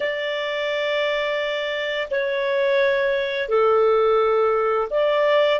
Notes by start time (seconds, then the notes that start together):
0.00 D5
2.11 C#5
3.48 A4
4.90 D5